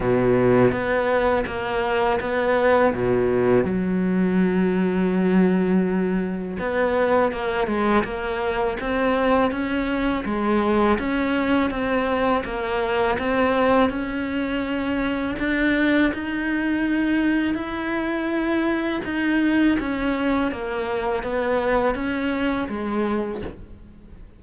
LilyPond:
\new Staff \with { instrumentName = "cello" } { \time 4/4 \tempo 4 = 82 b,4 b4 ais4 b4 | b,4 fis2.~ | fis4 b4 ais8 gis8 ais4 | c'4 cis'4 gis4 cis'4 |
c'4 ais4 c'4 cis'4~ | cis'4 d'4 dis'2 | e'2 dis'4 cis'4 | ais4 b4 cis'4 gis4 | }